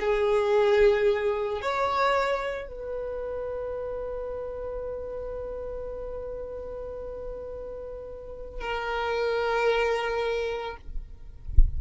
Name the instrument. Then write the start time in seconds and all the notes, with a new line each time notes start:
violin
0.00 G#4
1.61 C#5
2.68 B4
8.60 A#4